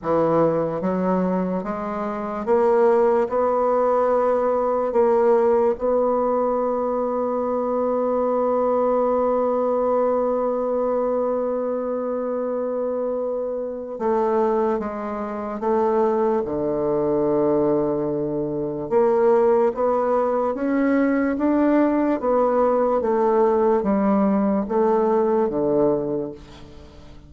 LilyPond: \new Staff \with { instrumentName = "bassoon" } { \time 4/4 \tempo 4 = 73 e4 fis4 gis4 ais4 | b2 ais4 b4~ | b1~ | b1~ |
b4 a4 gis4 a4 | d2. ais4 | b4 cis'4 d'4 b4 | a4 g4 a4 d4 | }